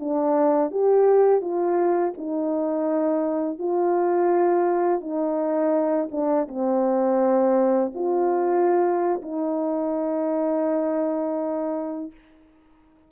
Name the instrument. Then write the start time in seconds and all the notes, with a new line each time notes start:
horn
0.00 D4
0.71 G4
1.41 F4
2.18 D#4
3.59 F4
5.01 D#4
6.12 D4
6.48 C4
7.95 F4
9.22 D#4